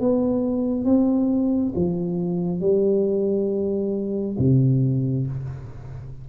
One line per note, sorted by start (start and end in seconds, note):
0.00 0.85 B3
0.85 1.73 C4
1.75 2.61 F3
2.61 4.37 G3
4.39 5.27 C3